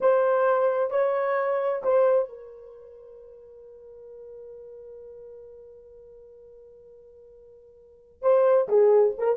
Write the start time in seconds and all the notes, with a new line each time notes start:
0.00 C5
0.90 C#5
1.83 C5
2.28 A#4
8.22 C5
8.68 G#4
9.18 A#4